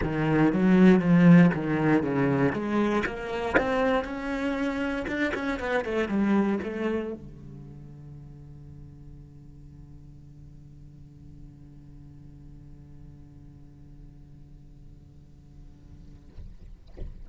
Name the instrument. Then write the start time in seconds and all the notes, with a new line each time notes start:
cello
0.02 D#3
0.52 F#3
0.99 F3
1.54 D#3
2.02 C#3
2.52 G#3
3.05 A#3
3.57 C4
4.04 C#4
5.07 D4
5.34 C#4
5.59 B3
5.85 A3
6.08 G3
6.63 A3
7.13 D3